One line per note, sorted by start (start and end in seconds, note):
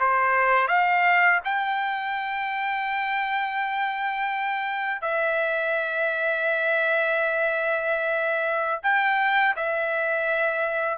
0.00 0.68 C5
0.68 1.40 F5
1.45 5.01 G5
5.01 8.81 E5
8.83 9.55 G5
9.56 10.97 E5